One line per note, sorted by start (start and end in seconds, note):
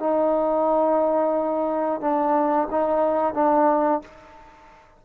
0.00 2.01 D#4
2.01 2.69 D4
2.71 3.35 D#4
3.35 4.02 D4